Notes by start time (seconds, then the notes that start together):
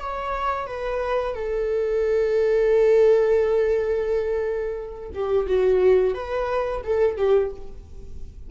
0.00 C#5
0.67 B4
1.35 A4
5.14 G4
5.47 F#4
6.14 B4
6.84 A4
7.17 G4